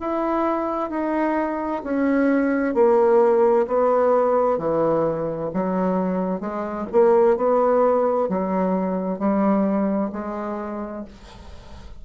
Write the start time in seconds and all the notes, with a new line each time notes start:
0.00 E4
0.90 D#4
1.84 C#4
2.74 A#3
3.67 B3
4.58 E3
5.54 F#3
6.40 G#3
6.92 A#3
7.37 B3
8.29 F#3
9.19 G3
10.12 G#3